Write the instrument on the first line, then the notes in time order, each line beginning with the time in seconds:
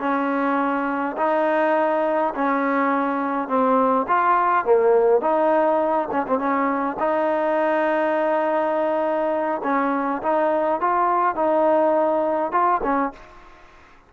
trombone
0.00 C#4
1.18 D#4
2.35 C#4
3.48 C4
4.08 F4
4.66 A#3
5.22 D#4
6.12 C#4
6.28 C4
6.39 C#4
7.00 D#4
9.64 C#4
10.23 D#4
10.81 F4
11.36 D#4
12.52 F4
12.84 C#4